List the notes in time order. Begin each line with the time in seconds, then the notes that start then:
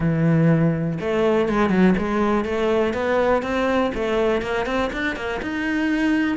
0.00 E3
1.00 A3
1.48 G#3
1.69 F#3
1.98 G#3
2.45 A3
2.93 B3
3.42 C4
3.94 A3
4.41 A#3
4.65 C4
4.92 D4
5.15 A#3
5.42 D#4